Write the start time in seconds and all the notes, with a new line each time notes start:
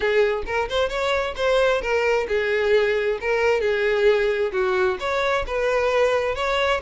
0.00 G#4
0.46 A#4
0.69 C5
0.89 C#5
1.36 C5
1.81 A#4
2.27 G#4
3.20 A#4
3.60 G#4
4.52 F#4
4.99 C#5
5.46 B4
6.35 C#5